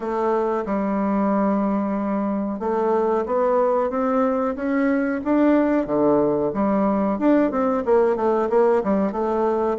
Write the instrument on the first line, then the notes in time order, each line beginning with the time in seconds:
bassoon
0.00 A3
0.65 G3
2.59 A3
3.25 B3
3.90 C4
4.55 C#4
5.24 D4
5.86 D3
6.53 G3
7.19 D4
7.51 C4
7.85 A#3
8.16 A3
8.49 A#3
8.83 G3
9.12 A3